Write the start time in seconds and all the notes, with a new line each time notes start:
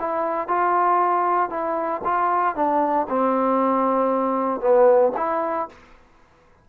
0.00 E4
0.48 F4
1.50 E4
2.05 F4
2.56 D4
3.09 C4
4.61 B3
5.17 E4